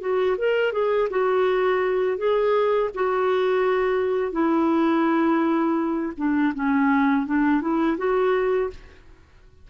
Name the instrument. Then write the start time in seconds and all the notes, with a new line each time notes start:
clarinet
0.00 F#4
0.37 A#4
0.72 G#4
1.10 F#4
2.17 G#4
2.94 F#4
4.32 E4
6.17 D4
6.54 C#4
7.26 D4
7.61 E4
7.97 F#4